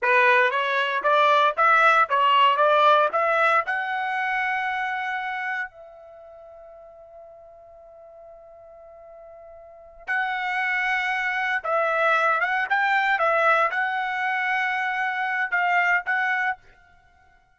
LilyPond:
\new Staff \with { instrumentName = "trumpet" } { \time 4/4 \tempo 4 = 116 b'4 cis''4 d''4 e''4 | cis''4 d''4 e''4 fis''4~ | fis''2. e''4~ | e''1~ |
e''2.~ e''8 fis''8~ | fis''2~ fis''8 e''4. | fis''8 g''4 e''4 fis''4.~ | fis''2 f''4 fis''4 | }